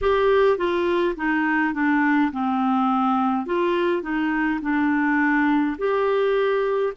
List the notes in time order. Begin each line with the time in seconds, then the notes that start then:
0.01 G4
0.57 F4
1.16 D#4
1.73 D4
2.31 C4
3.46 F4
4.02 D#4
4.61 D4
5.77 G4